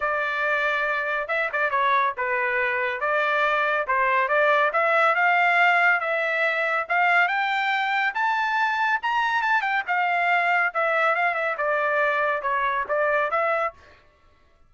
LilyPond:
\new Staff \with { instrumentName = "trumpet" } { \time 4/4 \tempo 4 = 140 d''2. e''8 d''8 | cis''4 b'2 d''4~ | d''4 c''4 d''4 e''4 | f''2 e''2 |
f''4 g''2 a''4~ | a''4 ais''4 a''8 g''8 f''4~ | f''4 e''4 f''8 e''8 d''4~ | d''4 cis''4 d''4 e''4 | }